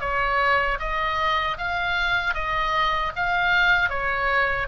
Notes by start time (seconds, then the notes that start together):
0.00 C#5
0.79 D#5
1.58 F5
2.34 D#5
3.16 F5
3.89 C#5